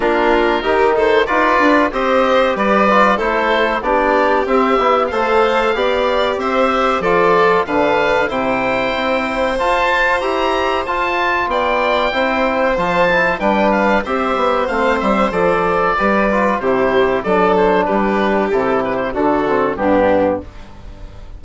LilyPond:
<<
  \new Staff \with { instrumentName = "oboe" } { \time 4/4 \tempo 4 = 94 ais'4. c''8 d''4 dis''4 | d''4 c''4 d''4 e''4 | f''2 e''4 d''4 | f''4 g''2 a''4 |
ais''4 a''4 g''2 | a''4 g''8 f''8 e''4 f''8 e''8 | d''2 c''4 d''8 c''8 | b'4 a'8 b'16 c''16 a'4 g'4 | }
  \new Staff \with { instrumentName = "violin" } { \time 4/4 f'4 g'8 a'8 b'4 c''4 | b'4 a'4 g'2 | c''4 d''4 c''4 a'4 | b'4 c''2.~ |
c''2 d''4 c''4~ | c''4 b'4 c''2~ | c''4 b'4 g'4 a'4 | g'2 fis'4 d'4 | }
  \new Staff \with { instrumentName = "trombone" } { \time 4/4 d'4 dis'4 f'4 g'4~ | g'8 f'8 e'4 d'4 c'8 e'8 | a'4 g'2 f'4 | d'4 e'2 f'4 |
g'4 f'2 e'4 | f'8 e'8 d'4 g'4 c'4 | a'4 g'8 f'8 e'4 d'4~ | d'4 e'4 d'8 c'8 b4 | }
  \new Staff \with { instrumentName = "bassoon" } { \time 4/4 ais4 dis4 dis'8 d'8 c'4 | g4 a4 b4 c'8 b8 | a4 b4 c'4 f4 | d4 c4 c'4 f'4 |
e'4 f'4 b4 c'4 | f4 g4 c'8 b8 a8 g8 | f4 g4 c4 fis4 | g4 c4 d4 g,4 | }
>>